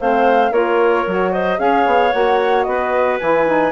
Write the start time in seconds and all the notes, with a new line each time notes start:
0.00 A3 C4 C5 F5
0.51 A#3 F4 A#4 C#5
1.07 F#3 F#4
1.31 C5 D#5
1.57 C#4 G#4 C#5 F5
1.86 B3
2.13 A#3 F#4 F#5
2.63 B3 B4 D#5
3.20 E3 E4 G#5
3.47 D#4